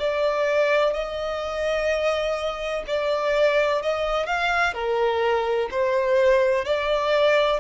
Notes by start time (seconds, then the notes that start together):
0.00 D5
0.94 D#5
2.87 D5
3.83 D#5
4.26 F5
4.74 A#4
5.71 C5
6.65 D5